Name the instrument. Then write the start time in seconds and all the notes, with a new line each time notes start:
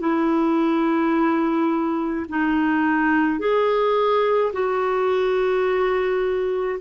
clarinet
0.00 E4
2.29 D#4
3.40 G#4
4.53 F#4